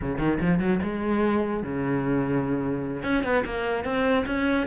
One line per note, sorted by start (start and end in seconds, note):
0.01 0.18 C#3
0.18 0.38 D#3
0.41 0.59 F3
0.59 0.79 F#3
0.82 1.63 G#3
1.63 3.03 C#3
3.03 3.23 C#4
3.23 3.43 B3
3.45 3.84 A#3
3.84 4.25 C4
4.26 4.66 C#4